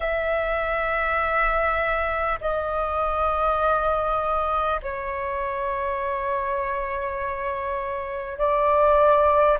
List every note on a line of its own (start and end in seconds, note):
0.00 2.39 E5
2.41 4.81 D#5
4.82 8.37 C#5
8.37 9.57 D5